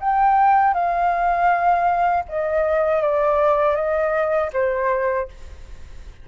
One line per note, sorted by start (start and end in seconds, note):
0.00 0.74 G5
0.74 2.24 F5
2.29 3.02 D#5
3.02 3.76 D5
3.76 4.51 D#5
4.53 5.28 C5